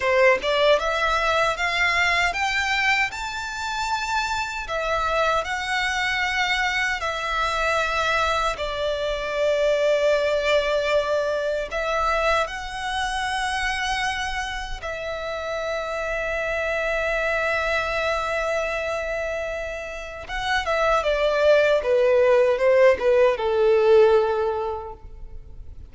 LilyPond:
\new Staff \with { instrumentName = "violin" } { \time 4/4 \tempo 4 = 77 c''8 d''8 e''4 f''4 g''4 | a''2 e''4 fis''4~ | fis''4 e''2 d''4~ | d''2. e''4 |
fis''2. e''4~ | e''1~ | e''2 fis''8 e''8 d''4 | b'4 c''8 b'8 a'2 | }